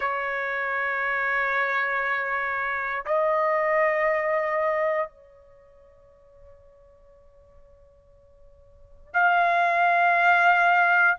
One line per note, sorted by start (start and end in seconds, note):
0.00 3.04 C#5
3.05 5.08 D#5
5.08 9.13 C#5
9.13 11.17 F5